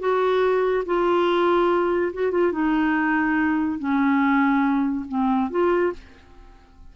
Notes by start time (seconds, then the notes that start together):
0.00 F#4
0.86 F4
2.14 F#4
2.32 F4
2.52 D#4
3.79 C#4
5.09 C4
5.51 F4